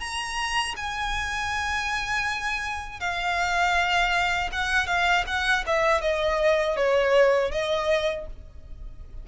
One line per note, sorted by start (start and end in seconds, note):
0.00 0.75 A#5
0.77 3.00 G#5
3.00 4.50 F5
4.52 4.87 F#5
4.87 5.25 F5
5.27 5.65 F#5
5.67 6.02 E5
6.02 6.77 D#5
6.77 7.52 C#5
7.52 8.27 D#5